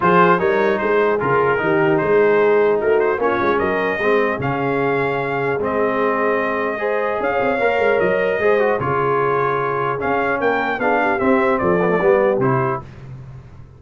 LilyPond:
<<
  \new Staff \with { instrumentName = "trumpet" } { \time 4/4 \tempo 4 = 150 c''4 cis''4 c''4 ais'4~ | ais'4 c''2 ais'8 c''8 | cis''4 dis''2 f''4~ | f''2 dis''2~ |
dis''2 f''2 | dis''2 cis''2~ | cis''4 f''4 g''4 f''4 | e''4 d''2 c''4 | }
  \new Staff \with { instrumentName = "horn" } { \time 4/4 gis'4 ais'4 gis'2 | g'4 gis'2 fis'4 | f'4 ais'4 gis'2~ | gis'1~ |
gis'4 c''4 cis''2~ | cis''4 c''4 gis'2~ | gis'2 ais'4 gis'8 g'8~ | g'4 a'4 g'2 | }
  \new Staff \with { instrumentName = "trombone" } { \time 4/4 f'4 dis'2 f'4 | dis'1 | cis'2 c'4 cis'4~ | cis'2 c'2~ |
c'4 gis'2 ais'4~ | ais'4 gis'8 fis'8 f'2~ | f'4 cis'2 d'4 | c'4. b16 a16 b4 e'4 | }
  \new Staff \with { instrumentName = "tuba" } { \time 4/4 f4 g4 gis4 cis4 | dis4 gis2 a4 | ais8 gis8 fis4 gis4 cis4~ | cis2 gis2~ |
gis2 cis'8 c'8 ais8 gis8 | fis4 gis4 cis2~ | cis4 cis'4 ais4 b4 | c'4 f4 g4 c4 | }
>>